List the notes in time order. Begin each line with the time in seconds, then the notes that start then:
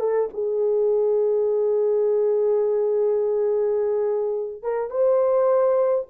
0.00 A4
0.34 G#4
4.63 A#4
4.91 C5